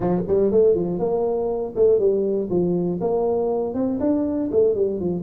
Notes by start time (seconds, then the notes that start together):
0.00 F3
0.27 G3
0.51 A3
0.75 F3
0.99 A#3
1.75 A3
1.99 G3
2.50 F3
3.00 A#3
3.74 C4
4.00 D4
4.51 A3
4.75 G3
5.00 F3